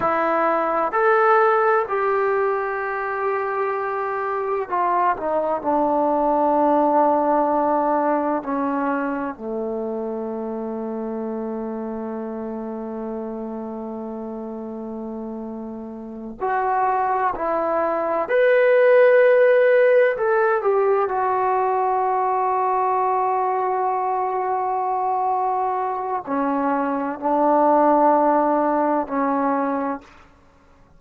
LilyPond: \new Staff \with { instrumentName = "trombone" } { \time 4/4 \tempo 4 = 64 e'4 a'4 g'2~ | g'4 f'8 dis'8 d'2~ | d'4 cis'4 a2~ | a1~ |
a4. fis'4 e'4 b'8~ | b'4. a'8 g'8 fis'4.~ | fis'1 | cis'4 d'2 cis'4 | }